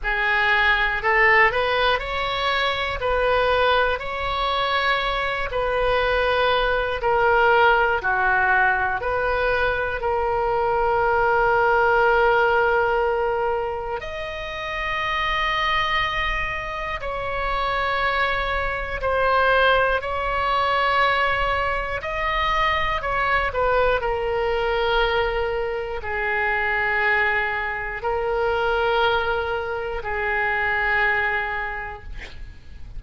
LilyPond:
\new Staff \with { instrumentName = "oboe" } { \time 4/4 \tempo 4 = 60 gis'4 a'8 b'8 cis''4 b'4 | cis''4. b'4. ais'4 | fis'4 b'4 ais'2~ | ais'2 dis''2~ |
dis''4 cis''2 c''4 | cis''2 dis''4 cis''8 b'8 | ais'2 gis'2 | ais'2 gis'2 | }